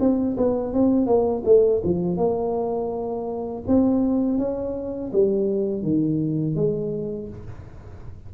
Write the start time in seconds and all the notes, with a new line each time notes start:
0.00 C4
0.37 B3
0.74 C4
1.06 A#3
1.45 A3
1.84 F3
2.17 A#3
3.68 C4
4.38 C#4
5.13 G3
5.83 D#3
6.56 G#3